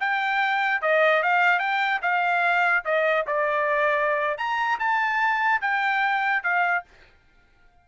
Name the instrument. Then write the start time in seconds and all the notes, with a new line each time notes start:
trumpet
0.00 G5
0.82 D#5
1.23 F5
1.59 G5
2.02 F5
2.85 D#5
3.27 D5
4.38 A#5
4.79 A5
5.61 G5
6.43 F5